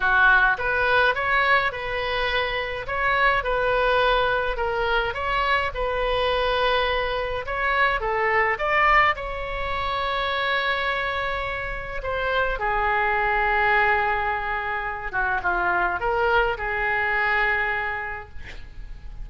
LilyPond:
\new Staff \with { instrumentName = "oboe" } { \time 4/4 \tempo 4 = 105 fis'4 b'4 cis''4 b'4~ | b'4 cis''4 b'2 | ais'4 cis''4 b'2~ | b'4 cis''4 a'4 d''4 |
cis''1~ | cis''4 c''4 gis'2~ | gis'2~ gis'8 fis'8 f'4 | ais'4 gis'2. | }